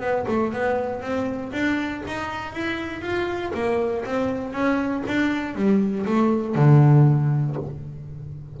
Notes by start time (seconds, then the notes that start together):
0.00 B3
0.27 A3
0.52 B3
1.01 C4
1.52 D4
2.07 D#4
2.52 E4
3.01 F4
3.54 A#3
4.05 C4
4.52 C#4
5.07 D4
5.55 G3
6.05 A3
6.55 D3